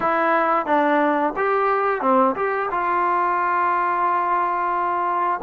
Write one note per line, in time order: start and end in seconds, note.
0.00 0.66 E4
0.66 1.33 D4
1.36 2.01 G4
2.01 2.35 C4
2.35 2.69 G4
2.70 5.40 F4